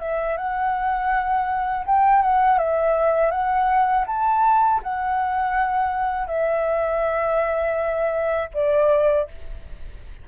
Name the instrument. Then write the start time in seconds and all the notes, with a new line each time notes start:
flute
0.00 E5
0.37 F#5
1.86 G5
2.22 F#5
2.59 E5
3.31 F#5
4.07 A5
4.83 F#5
6.27 E5
8.54 D5